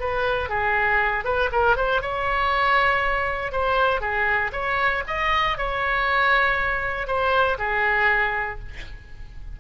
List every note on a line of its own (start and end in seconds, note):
0.00 0.49 B4
0.49 1.24 G#4
1.24 1.50 B4
1.52 1.77 A#4
1.77 2.02 C5
2.02 3.52 C#5
3.52 4.01 C5
4.01 4.51 G#4
4.53 5.03 C#5
5.07 5.58 D#5
5.58 7.07 C#5
7.07 7.58 C5
7.59 8.59 G#4